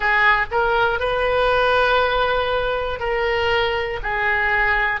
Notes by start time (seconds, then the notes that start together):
0.00 G#4
0.51 A#4
1.00 B4
3.00 A#4
4.02 G#4